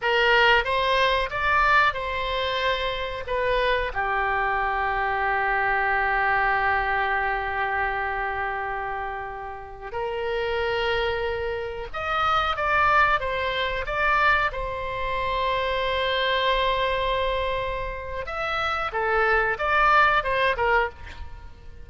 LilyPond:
\new Staff \with { instrumentName = "oboe" } { \time 4/4 \tempo 4 = 92 ais'4 c''4 d''4 c''4~ | c''4 b'4 g'2~ | g'1~ | g'2.~ g'16 ais'8.~ |
ais'2~ ais'16 dis''4 d''8.~ | d''16 c''4 d''4 c''4.~ c''16~ | c''1 | e''4 a'4 d''4 c''8 ais'8 | }